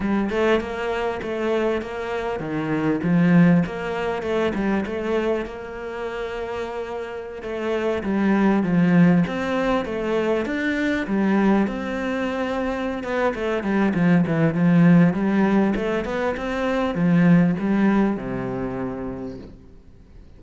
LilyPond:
\new Staff \with { instrumentName = "cello" } { \time 4/4 \tempo 4 = 99 g8 a8 ais4 a4 ais4 | dis4 f4 ais4 a8 g8 | a4 ais2.~ | ais16 a4 g4 f4 c'8.~ |
c'16 a4 d'4 g4 c'8.~ | c'4. b8 a8 g8 f8 e8 | f4 g4 a8 b8 c'4 | f4 g4 c2 | }